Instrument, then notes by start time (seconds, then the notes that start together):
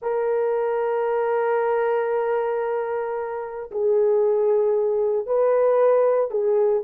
horn
0.01 A#4
3.71 G#4
5.26 B4
6.31 G#4